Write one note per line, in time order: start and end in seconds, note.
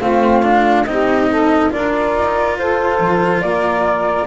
0.00 0.84 A3
0.00 0.43 C4
0.00 0.86 F4
0.00 0.85 F5
0.43 0.86 D4
0.84 1.70 C4
0.84 1.70 D#4
0.84 1.29 G4
0.84 1.71 D#5
1.29 1.72 A4
1.70 2.16 D4
1.70 4.27 F4
1.70 2.58 A#4
1.70 2.57 D5
2.16 2.58 D#4
2.58 3.00 F4
2.58 3.42 A4
2.58 3.41 C5
3.00 3.43 F3
3.41 4.27 A#3
3.41 4.27 A#4
3.41 4.26 D5